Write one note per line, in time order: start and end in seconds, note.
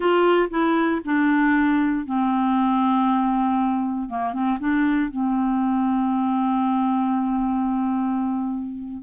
0.00 0.48 F4
0.50 1.01 E4
1.04 2.05 D4
2.05 4.09 C4
4.09 4.33 A#3
4.33 4.58 C4
4.59 5.10 D4
5.10 9.02 C4